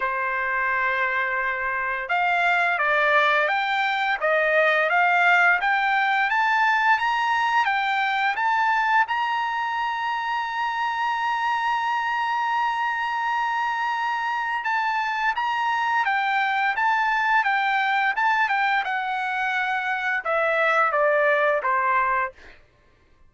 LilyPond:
\new Staff \with { instrumentName = "trumpet" } { \time 4/4 \tempo 4 = 86 c''2. f''4 | d''4 g''4 dis''4 f''4 | g''4 a''4 ais''4 g''4 | a''4 ais''2.~ |
ais''1~ | ais''4 a''4 ais''4 g''4 | a''4 g''4 a''8 g''8 fis''4~ | fis''4 e''4 d''4 c''4 | }